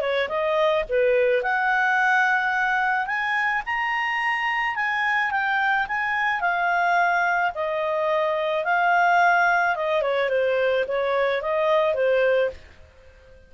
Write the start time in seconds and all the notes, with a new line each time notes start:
0.00 C#5
0.28 D#5
0.88 B4
1.42 F#5
3.06 G#5
3.65 A#5
4.75 G#5
5.31 G5
5.87 G#5
6.40 F5
7.54 D#5
8.64 F5
9.75 D#5
10.01 C#5
10.29 C5
10.87 C#5
11.42 D#5
11.94 C5